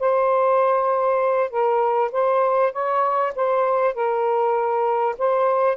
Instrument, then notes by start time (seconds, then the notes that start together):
saxophone
0.00 C5
1.51 A#4
2.12 C5
2.73 C#5
3.36 C5
3.95 A#4
5.18 C5